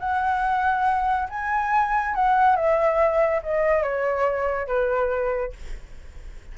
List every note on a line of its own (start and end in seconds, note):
0.00 1.29 F#5
1.30 2.15 G#5
2.15 2.56 F#5
2.56 3.42 E5
3.43 3.83 D#5
3.83 4.67 C#5
4.67 5.53 B4